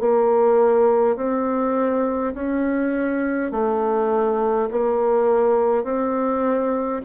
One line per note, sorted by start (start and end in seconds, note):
0.00 1.17 A#3
1.17 2.34 C4
2.34 3.51 C#4
3.51 4.69 A3
4.71 5.84 A#3
5.84 7.02 C4